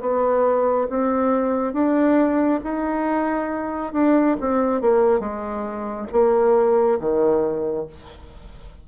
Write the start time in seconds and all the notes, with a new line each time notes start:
0.00 B3
0.89 C4
1.73 D4
2.63 D#4
3.92 D4
4.40 C4
4.81 A#3
5.19 G#3
6.11 A#3
6.99 D#3